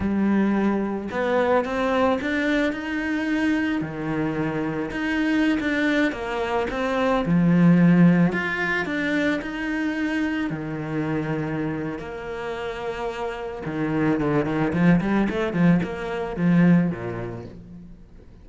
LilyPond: \new Staff \with { instrumentName = "cello" } { \time 4/4 \tempo 4 = 110 g2 b4 c'4 | d'4 dis'2 dis4~ | dis4 dis'4~ dis'16 d'4 ais8.~ | ais16 c'4 f2 f'8.~ |
f'16 d'4 dis'2 dis8.~ | dis2 ais2~ | ais4 dis4 d8 dis8 f8 g8 | a8 f8 ais4 f4 ais,4 | }